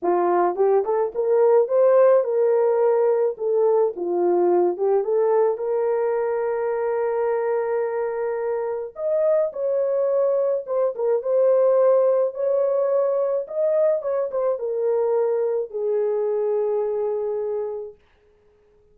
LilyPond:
\new Staff \with { instrumentName = "horn" } { \time 4/4 \tempo 4 = 107 f'4 g'8 a'8 ais'4 c''4 | ais'2 a'4 f'4~ | f'8 g'8 a'4 ais'2~ | ais'1 |
dis''4 cis''2 c''8 ais'8 | c''2 cis''2 | dis''4 cis''8 c''8 ais'2 | gis'1 | }